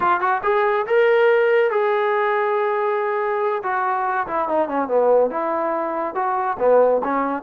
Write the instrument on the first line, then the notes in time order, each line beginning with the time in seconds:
trombone
0.00 F4
0.20 F#4
0.43 G#4
0.86 A#4
1.70 G#4
3.63 F#4
4.27 E4
4.48 D#4
4.68 C#4
4.88 B3
5.30 E4
6.14 F#4
6.59 B3
7.03 C#4